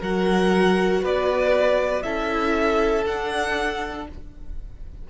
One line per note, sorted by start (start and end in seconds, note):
0.00 1.03 F#3
0.00 2.04 F#4
0.00 1.02 A#4
0.00 1.05 F#5
1.02 2.05 B3
1.02 2.03 B4
1.02 2.03 D5
2.03 3.06 C#4
2.03 3.05 E4
2.03 4.07 A4
2.03 3.04 E5
3.06 4.08 D4
3.06 4.10 D4
3.06 4.08 F#5